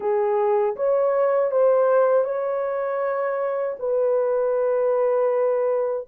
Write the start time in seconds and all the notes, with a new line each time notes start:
0.00 G#4
0.76 C#5
1.51 C5
2.24 C#5
3.79 B4